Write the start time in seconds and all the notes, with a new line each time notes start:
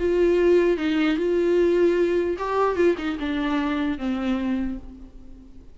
0.00 F4
0.78 D#4
1.18 F4
2.39 G4
2.76 F4
2.98 D#4
3.20 D4
3.99 C4